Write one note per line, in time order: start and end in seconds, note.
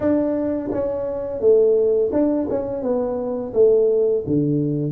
0.00 0.70 D4
0.71 1.40 C#4
1.40 2.10 A3
2.12 2.47 D4
2.49 2.82 C#4
2.82 3.53 B3
3.53 4.24 A3
4.26 4.92 D3